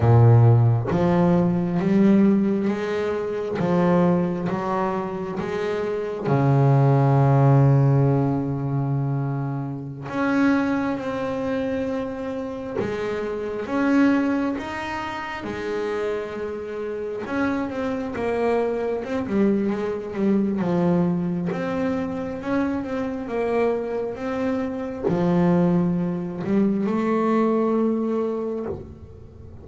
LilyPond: \new Staff \with { instrumentName = "double bass" } { \time 4/4 \tempo 4 = 67 ais,4 f4 g4 gis4 | f4 fis4 gis4 cis4~ | cis2.~ cis16 cis'8.~ | cis'16 c'2 gis4 cis'8.~ |
cis'16 dis'4 gis2 cis'8 c'16~ | c'16 ais4 c'16 g8 gis8 g8 f4 | c'4 cis'8 c'8 ais4 c'4 | f4. g8 a2 | }